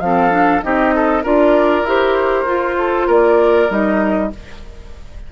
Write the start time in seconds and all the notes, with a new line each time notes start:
0.00 F3 C4 A4 F5
0.30 D4
0.62 C4 D#4 G4 D#5
0.95 A4
1.23 D4 F4 A#4 D5
1.83 E4 G4 C5
2.46 F4
2.78 A4
3.07 A#3 A#4 D5
3.69 G3 D#4 D#5